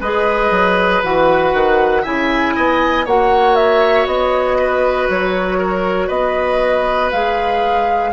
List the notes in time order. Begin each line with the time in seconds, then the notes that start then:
0.00 G#3 G#4 B4 D#5
0.50 F#3
1.03 E3 F#4 F#5
1.53 D#3
2.02 C#3 E4 E5 G#5
2.55 B3 D#5
3.05 A#3 F#4 C#5 F#5
3.55 E5
4.06 B3 D#5
4.58 B4
5.08 F#3 C#5
5.58 A#4
6.07 B3 B4 D#5
7.11 G#3 G#4 F5